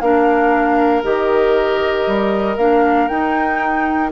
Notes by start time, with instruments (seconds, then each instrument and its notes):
0.00 bassoon A#3, clarinet D4, oboe A#4, flute F5
1.02 bassoon D#3, clarinet G4, flute D#5
2.06 bassoon G3
2.57 bassoon A#3, clarinet D4, flute F5
3.08 clarinet D#4, bassoon D#4, flute G5